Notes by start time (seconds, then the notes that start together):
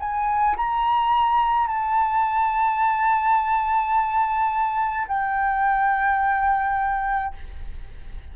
0.00 G#5
0.57 A#5
1.68 A5
5.08 G5